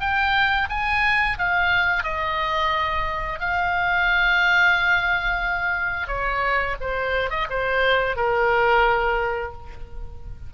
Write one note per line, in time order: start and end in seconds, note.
0.00 0.68 G5
0.69 1.38 G#5
1.38 2.03 F5
2.03 3.40 D#5
3.40 6.07 F5
6.07 6.75 C#5
6.80 7.30 C5
7.30 7.47 D#5
7.50 8.16 C5
8.16 9.52 A#4